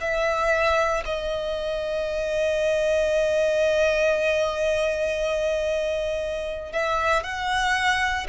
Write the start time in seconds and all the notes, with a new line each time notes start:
0.00 E5
1.05 D#5
6.72 E5
7.23 F#5